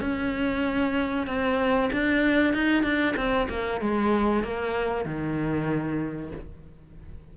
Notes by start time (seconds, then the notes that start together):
0.00 C#4
1.26 C4
1.92 D4
2.53 D#4
2.83 D4
3.16 C4
3.49 A#3
3.80 G#3
4.43 A#3
5.05 D#3